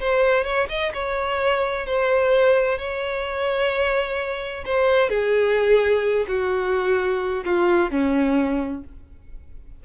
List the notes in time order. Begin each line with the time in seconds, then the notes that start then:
0.00 C5
0.44 C#5
0.69 D#5
0.94 C#5
1.86 C5
2.78 C#5
4.65 C5
5.09 G#4
6.28 F#4
7.45 F4
7.91 C#4